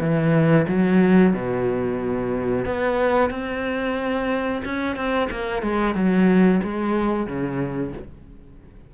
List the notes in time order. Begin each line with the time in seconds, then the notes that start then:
0.00 E3
0.68 F#3
1.33 B2
2.65 B3
3.30 C4
4.64 C#4
4.96 C4
5.30 A#3
5.62 G#3
5.94 F#3
6.63 G#3
7.26 C#3